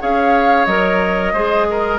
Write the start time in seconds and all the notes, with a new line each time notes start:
0.00 C#4 G#4 C#5 F5
0.65 F#3 A#4 D#5
1.33 G#3 G#4 C5
1.70 A#4